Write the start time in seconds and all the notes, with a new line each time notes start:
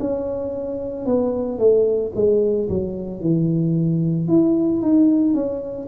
0.00 C#4
1.06 B3
1.59 A3
2.16 G#3
2.70 F#3
3.21 E3
4.29 E4
4.82 D#4
5.35 C#4